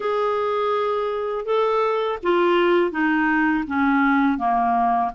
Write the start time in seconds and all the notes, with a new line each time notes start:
0.00 G#4
1.45 A4
2.22 F4
2.91 D#4
3.67 C#4
4.37 A#3